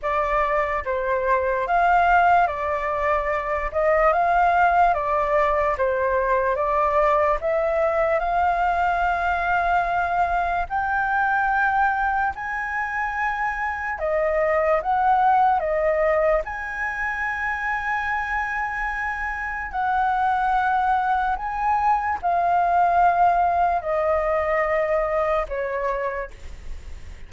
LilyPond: \new Staff \with { instrumentName = "flute" } { \time 4/4 \tempo 4 = 73 d''4 c''4 f''4 d''4~ | d''8 dis''8 f''4 d''4 c''4 | d''4 e''4 f''2~ | f''4 g''2 gis''4~ |
gis''4 dis''4 fis''4 dis''4 | gis''1 | fis''2 gis''4 f''4~ | f''4 dis''2 cis''4 | }